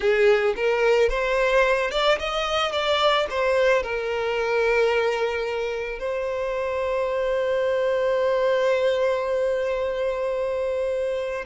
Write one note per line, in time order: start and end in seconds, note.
0.00 0.54 G#4
0.56 1.09 A#4
1.09 1.91 C5
1.91 2.18 D5
2.18 2.72 D#5
2.72 3.26 D5
3.30 3.82 C5
3.82 5.99 A#4
5.99 11.44 C5